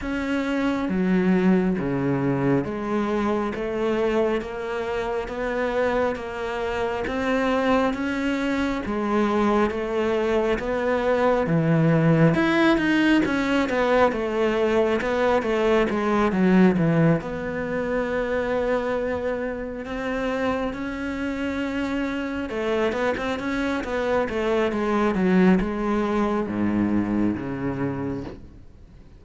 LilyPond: \new Staff \with { instrumentName = "cello" } { \time 4/4 \tempo 4 = 68 cis'4 fis4 cis4 gis4 | a4 ais4 b4 ais4 | c'4 cis'4 gis4 a4 | b4 e4 e'8 dis'8 cis'8 b8 |
a4 b8 a8 gis8 fis8 e8 b8~ | b2~ b8 c'4 cis'8~ | cis'4. a8 b16 c'16 cis'8 b8 a8 | gis8 fis8 gis4 gis,4 cis4 | }